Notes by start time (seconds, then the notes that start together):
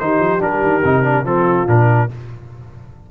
0.00 D#3 D#4 G4 C5
0.20 F3
0.40 G3 D4 A#4
0.62 D#3
0.84 C3 D#4
1.03 D4
1.25 F3 C4 F4 A4
1.67 A#2 D4 A#4